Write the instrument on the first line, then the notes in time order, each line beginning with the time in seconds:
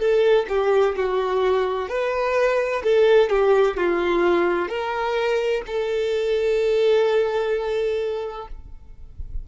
violin
0.00 A4
0.49 G4
0.96 F#4
1.89 B4
2.84 A4
3.30 G4
3.78 F4
4.69 A#4
5.67 A4